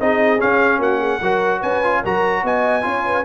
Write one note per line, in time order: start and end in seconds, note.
0.00 0.41 C4
0.00 0.38 D#4
0.00 0.80 G#4
0.00 0.41 D#5
0.38 1.20 C#4
0.38 0.79 C#4
0.38 0.81 F5
0.79 1.19 A#3
0.79 0.99 F#4
0.79 1.62 F#5
0.99 1.19 G#4
1.21 1.62 F#3
1.21 1.84 F#4
1.21 1.60 A#4
1.60 2.03 C#4
1.60 2.01 B4
1.60 2.03 G#5
1.84 2.04 F4
2.02 2.44 F#3
2.02 2.82 F#4
2.02 2.42 A#4
2.02 2.46 A#5
2.44 2.84 B3
2.44 2.85 D#5
2.44 3.25 G#5
2.82 3.25 C#4
2.82 3.23 F4
2.82 3.05 C#5
3.06 3.25 B4